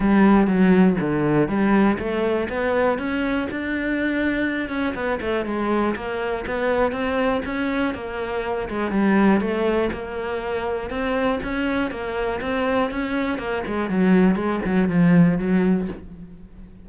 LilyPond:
\new Staff \with { instrumentName = "cello" } { \time 4/4 \tempo 4 = 121 g4 fis4 d4 g4 | a4 b4 cis'4 d'4~ | d'4. cis'8 b8 a8 gis4 | ais4 b4 c'4 cis'4 |
ais4. gis8 g4 a4 | ais2 c'4 cis'4 | ais4 c'4 cis'4 ais8 gis8 | fis4 gis8 fis8 f4 fis4 | }